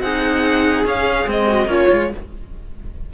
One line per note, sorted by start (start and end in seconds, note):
0.00 0.83 C4
0.00 0.85 D#4
0.00 1.47 G#4
0.00 0.84 F#5
0.85 1.26 C#4
0.85 1.29 F5
1.26 1.65 G#3
1.26 1.67 C4
1.26 1.71 D#5
1.47 1.68 F#4
1.65 1.86 A#3
1.65 1.88 C#4
1.65 2.10 F4
1.65 2.13 C#5
1.88 2.13 G#3
1.88 2.09 F4